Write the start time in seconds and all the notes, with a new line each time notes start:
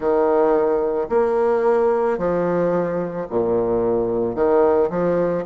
0.00 D#3
1.09 A#3
2.18 F3
3.30 A#2
4.35 D#3
4.89 F3